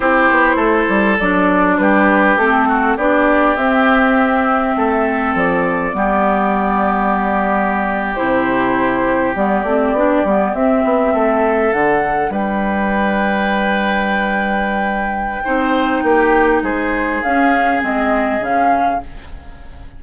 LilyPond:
<<
  \new Staff \with { instrumentName = "flute" } { \time 4/4 \tempo 4 = 101 c''2 d''4 b'4 | a'4 d''4 e''2~ | e''4 d''2.~ | d''4.~ d''16 c''2 d''16~ |
d''4.~ d''16 e''2 fis''16~ | fis''8. g''2.~ g''16~ | g''1 | c''4 f''4 dis''4 f''4 | }
  \new Staff \with { instrumentName = "oboe" } { \time 4/4 g'4 a'2 g'4~ | g'8 fis'8 g'2. | a'2 g'2~ | g'1~ |
g'2~ g'8. a'4~ a'16~ | a'8. b'2.~ b'16~ | b'2 c''4 g'4 | gis'1 | }
  \new Staff \with { instrumentName = "clarinet" } { \time 4/4 e'2 d'2 | c'4 d'4 c'2~ | c'2 b2~ | b4.~ b16 e'2 b16~ |
b16 c'8 d'8 b8 c'2 d'16~ | d'1~ | d'2 dis'2~ | dis'4 cis'4 c'4 cis'4 | }
  \new Staff \with { instrumentName = "bassoon" } { \time 4/4 c'8 b8 a8 g8 fis4 g4 | a4 b4 c'2 | a4 f4 g2~ | g4.~ g16 c2 g16~ |
g16 a8 b8 g8 c'8 b8 a4 d16~ | d8. g2.~ g16~ | g2 c'4 ais4 | gis4 cis'4 gis4 cis4 | }
>>